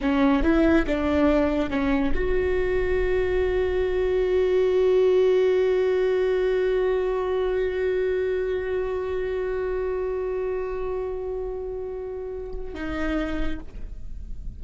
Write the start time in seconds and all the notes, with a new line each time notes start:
0.01 C#4
0.43 E4
0.86 D4
1.70 C#4
2.14 F#4
12.74 D#4